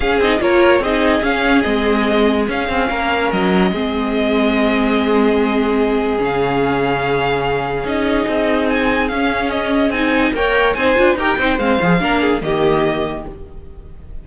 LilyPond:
<<
  \new Staff \with { instrumentName = "violin" } { \time 4/4 \tempo 4 = 145 f''8 dis''8 cis''4 dis''4 f''4 | dis''2 f''2 | dis''1~ | dis''2. f''4~ |
f''2. dis''4~ | dis''4 gis''4 f''4 dis''4 | gis''4 g''4 gis''4 g''4 | f''2 dis''2 | }
  \new Staff \with { instrumentName = "violin" } { \time 4/4 gis'4 ais'4 gis'2~ | gis'2. ais'4~ | ais'4 gis'2.~ | gis'1~ |
gis'1~ | gis'1~ | gis'4 cis''4 c''4 ais'8 c''8~ | c''4 ais'8 gis'8 g'2 | }
  \new Staff \with { instrumentName = "viola" } { \time 4/4 cis'8 dis'8 f'4 dis'4 cis'4 | c'2 cis'2~ | cis'4 c'2.~ | c'2. cis'4~ |
cis'2. dis'4~ | dis'2 cis'2 | dis'4 ais'4 dis'8 f'8 g'8 dis'8 | c'8 gis'8 d'4 ais2 | }
  \new Staff \with { instrumentName = "cello" } { \time 4/4 cis'8 c'8 ais4 c'4 cis'4 | gis2 cis'8 c'8 ais4 | fis4 gis2.~ | gis2. cis4~ |
cis2. cis'4 | c'2 cis'2 | c'4 ais4 c'8 d'8 dis'8 c'8 | gis8 f8 ais4 dis2 | }
>>